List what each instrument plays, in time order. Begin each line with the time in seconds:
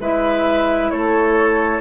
0.00 bassoon G#3, clarinet E4, oboe B4, flute E5
0.90 bassoon A3, oboe A4, flute C#5